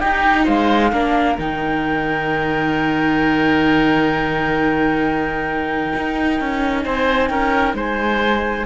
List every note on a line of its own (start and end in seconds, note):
0.00 0.92 D#4
0.00 0.47 D#4
0.00 0.45 G4
0.00 0.45 G5
0.45 0.93 G#3
0.45 0.90 C5
0.45 1.38 F5
0.92 1.38 A#3
0.92 1.38 D4
0.92 6.83 A#4
1.39 5.93 D#3
1.39 8.66 D#4
1.39 6.83 G5
5.95 6.41 D#4
6.41 6.86 C#4
6.83 7.30 C4
6.83 7.30 C5
6.83 7.29 G#5
7.29 7.74 C#4
7.29 7.76 A#4
7.29 7.74 G5
7.74 8.65 G#3
7.74 8.66 C5
7.74 8.66 G#5